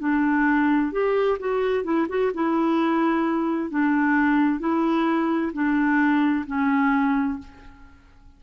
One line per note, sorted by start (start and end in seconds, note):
0.00 0.92 D4
0.92 1.38 G4
1.39 1.84 F#4
1.84 2.07 E4
2.09 2.32 F#4
2.34 3.70 E4
3.70 4.60 D4
4.60 5.52 E4
5.53 6.46 D4
6.47 7.39 C#4